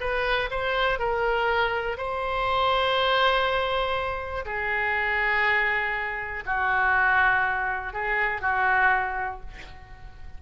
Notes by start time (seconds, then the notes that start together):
0.00 B4
0.50 C5
0.99 A#4
1.97 C5
4.45 G#4
6.46 F#4
7.93 G#4
8.41 F#4